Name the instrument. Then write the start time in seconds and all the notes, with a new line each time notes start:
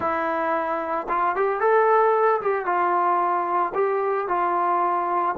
trombone
0.00 E4
1.08 F4
1.35 G4
1.60 A4
2.41 G4
2.65 F4
3.74 G4
4.28 F4